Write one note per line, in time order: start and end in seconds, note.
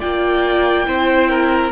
0.00 0.88 A#3
0.00 0.86 F4
0.00 0.86 D5
0.00 1.72 G5
0.86 1.72 C4
0.86 1.72 E4
0.86 1.30 C5
1.30 1.72 A#4